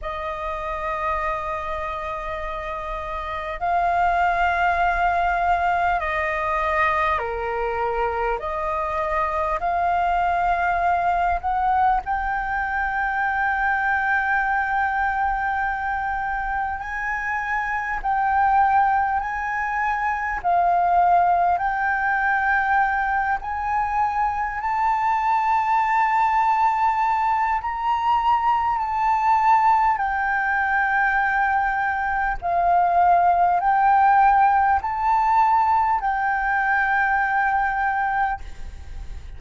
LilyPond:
\new Staff \with { instrumentName = "flute" } { \time 4/4 \tempo 4 = 50 dis''2. f''4~ | f''4 dis''4 ais'4 dis''4 | f''4. fis''8 g''2~ | g''2 gis''4 g''4 |
gis''4 f''4 g''4. gis''8~ | gis''8 a''2~ a''8 ais''4 | a''4 g''2 f''4 | g''4 a''4 g''2 | }